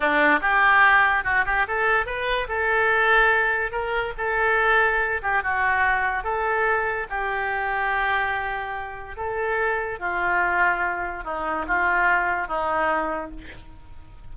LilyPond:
\new Staff \with { instrumentName = "oboe" } { \time 4/4 \tempo 4 = 144 d'4 g'2 fis'8 g'8 | a'4 b'4 a'2~ | a'4 ais'4 a'2~ | a'8 g'8 fis'2 a'4~ |
a'4 g'2.~ | g'2 a'2 | f'2. dis'4 | f'2 dis'2 | }